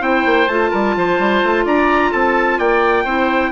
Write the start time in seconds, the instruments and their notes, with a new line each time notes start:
0.00 bassoon C4, clarinet E4, oboe C5, trumpet G5
0.26 bassoon A#3
0.48 bassoon A3, clarinet F4, trumpet A5
0.71 bassoon G3, oboe A#4
0.96 bassoon F3, oboe C5
1.19 bassoon G3
1.43 bassoon A3
1.65 bassoon D4, oboe D5, trumpet A#5
2.11 bassoon C4, oboe A4, trumpet A5
2.58 bassoon A#3, oboe D5, trumpet G5
3.04 bassoon C4, clarinet E4, oboe C5